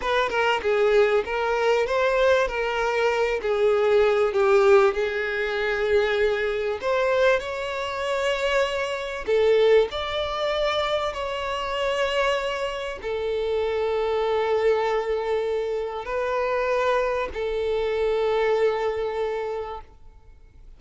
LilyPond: \new Staff \with { instrumentName = "violin" } { \time 4/4 \tempo 4 = 97 b'8 ais'8 gis'4 ais'4 c''4 | ais'4. gis'4. g'4 | gis'2. c''4 | cis''2. a'4 |
d''2 cis''2~ | cis''4 a'2.~ | a'2 b'2 | a'1 | }